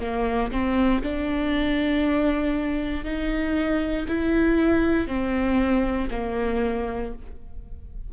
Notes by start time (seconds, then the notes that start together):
0.00 A#3
0.51 C4
1.02 D4
3.04 D#4
4.08 E4
5.07 C4
6.11 A#3